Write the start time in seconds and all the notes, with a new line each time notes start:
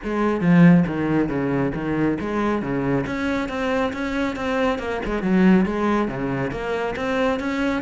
0.03 G#3
0.40 F3
0.87 D#3
1.28 C#3
1.74 D#3
2.20 G#3
2.61 C#3
3.06 C#4
3.48 C4
3.92 C#4
4.36 C4
4.78 A#3
5.05 G#3
5.22 F#3
5.65 G#3
6.08 C#3
6.51 A#3
6.96 C4
7.39 C#4